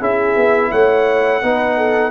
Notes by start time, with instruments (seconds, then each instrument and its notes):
0.00 tuba C#4, trombone E4, horn G#4, trumpet E5
0.37 tuba B3
0.71 tuba A3, horn C#5, trumpet F#5
1.42 tuba B3, trombone D#4, horn B4
1.77 horn A4